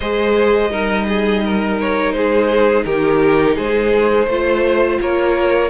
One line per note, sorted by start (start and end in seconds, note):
0.00 0.71 G#3
0.00 0.71 G#4
0.00 0.70 C5
0.00 1.78 D#5
0.70 2.12 G3
0.70 4.28 D#4
0.70 1.06 A#4
1.08 1.44 G#4
1.44 2.15 A#4
1.80 2.12 C#5
2.12 2.84 G#3
2.12 2.85 G#4
2.12 2.83 C5
2.85 3.56 D#3
2.85 3.55 G4
2.85 3.56 A#4
3.55 4.26 G#3
3.55 4.26 G#4
3.55 5.00 C5
4.26 4.98 A3
4.26 5.69 F4
4.26 5.00 C5
5.00 5.69 A#3
5.00 5.69 A#4
5.00 5.69 C#5